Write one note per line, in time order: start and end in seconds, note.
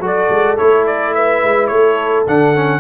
0.00 0.28 F#3
0.00 0.57 F#4
0.00 1.13 A4
0.06 0.58 D5
0.30 0.58 G#3
0.58 1.44 A3
0.58 2.26 E4
0.58 0.86 C#5
0.87 1.14 D5
1.14 1.70 B4
1.14 1.67 E5
1.44 1.70 G#3
1.67 2.26 A3
1.67 2.80 A4
1.67 2.23 C#5
2.27 2.80 D3
2.27 2.55 D4
2.27 2.80 F#5
2.55 2.80 C#4